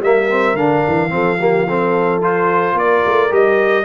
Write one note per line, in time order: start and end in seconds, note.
0.00 0.54 G3
0.00 0.30 A#3
0.00 1.12 A#4
0.00 0.56 E5
0.30 0.57 C4
0.54 0.81 D3
0.54 1.09 D4
0.54 2.21 F5
0.87 1.12 E3
1.09 2.73 F3
1.09 1.37 C4
1.09 1.39 A4
1.39 1.67 A#3
1.39 1.66 G4
1.66 2.21 C4
1.66 2.75 A4
2.21 3.29 F4
2.21 2.78 C5
2.73 3.01 A#3
2.73 3.85 A#4
2.73 3.33 D5
3.05 3.32 A3
3.29 3.85 G3
3.29 3.84 G4
3.29 3.85 D#5